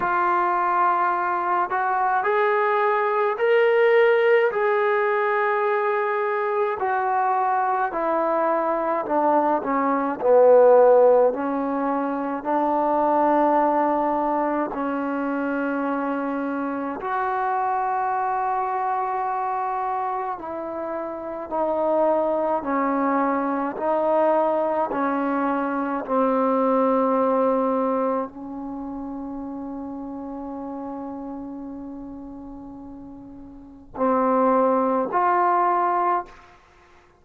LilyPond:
\new Staff \with { instrumentName = "trombone" } { \time 4/4 \tempo 4 = 53 f'4. fis'8 gis'4 ais'4 | gis'2 fis'4 e'4 | d'8 cis'8 b4 cis'4 d'4~ | d'4 cis'2 fis'4~ |
fis'2 e'4 dis'4 | cis'4 dis'4 cis'4 c'4~ | c'4 cis'2.~ | cis'2 c'4 f'4 | }